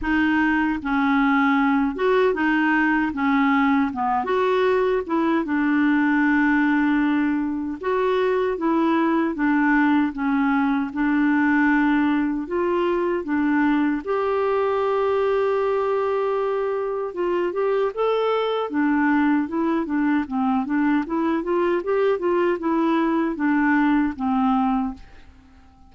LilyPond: \new Staff \with { instrumentName = "clarinet" } { \time 4/4 \tempo 4 = 77 dis'4 cis'4. fis'8 dis'4 | cis'4 b8 fis'4 e'8 d'4~ | d'2 fis'4 e'4 | d'4 cis'4 d'2 |
f'4 d'4 g'2~ | g'2 f'8 g'8 a'4 | d'4 e'8 d'8 c'8 d'8 e'8 f'8 | g'8 f'8 e'4 d'4 c'4 | }